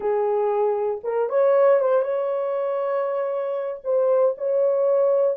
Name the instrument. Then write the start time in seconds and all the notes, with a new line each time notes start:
horn
0.00 G#4
1.03 A#4
1.29 C#5
1.79 C5
2.02 C#5
3.84 C5
4.37 C#5